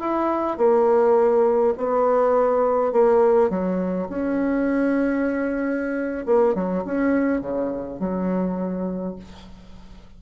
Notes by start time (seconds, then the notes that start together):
0.00 E4
0.57 A#3
1.78 B3
2.93 A#3
3.50 F#3
4.09 C#4
6.26 A#3
6.55 F#3
6.85 C#4
7.41 C#3
8.00 F#3